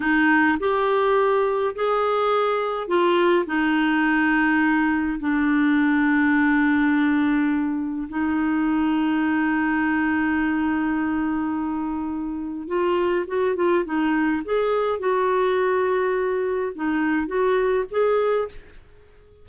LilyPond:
\new Staff \with { instrumentName = "clarinet" } { \time 4/4 \tempo 4 = 104 dis'4 g'2 gis'4~ | gis'4 f'4 dis'2~ | dis'4 d'2.~ | d'2 dis'2~ |
dis'1~ | dis'2 f'4 fis'8 f'8 | dis'4 gis'4 fis'2~ | fis'4 dis'4 fis'4 gis'4 | }